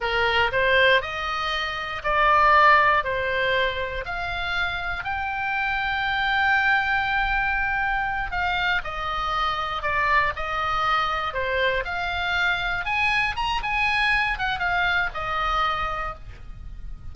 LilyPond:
\new Staff \with { instrumentName = "oboe" } { \time 4/4 \tempo 4 = 119 ais'4 c''4 dis''2 | d''2 c''2 | f''2 g''2~ | g''1~ |
g''8 f''4 dis''2 d''8~ | d''8 dis''2 c''4 f''8~ | f''4. gis''4 ais''8 gis''4~ | gis''8 fis''8 f''4 dis''2 | }